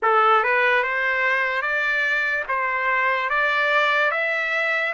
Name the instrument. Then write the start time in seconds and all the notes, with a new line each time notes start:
trumpet
0.02 A4
0.43 B4
0.83 C5
1.61 D5
2.48 C5
3.29 D5
4.11 E5